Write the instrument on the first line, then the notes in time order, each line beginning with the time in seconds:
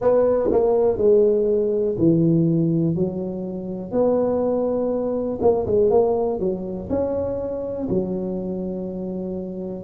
tuba
0.00 B3
0.51 A#3
0.97 G#3
1.98 E3
2.95 F#3
3.91 B3
5.41 A#3
5.66 G#3
5.90 A#3
6.39 F#3
6.89 C#4
7.89 F#3